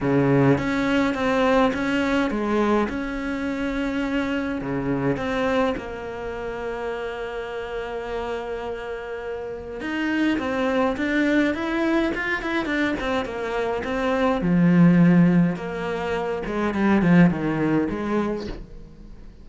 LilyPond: \new Staff \with { instrumentName = "cello" } { \time 4/4 \tempo 4 = 104 cis4 cis'4 c'4 cis'4 | gis4 cis'2. | cis4 c'4 ais2~ | ais1~ |
ais4 dis'4 c'4 d'4 | e'4 f'8 e'8 d'8 c'8 ais4 | c'4 f2 ais4~ | ais8 gis8 g8 f8 dis4 gis4 | }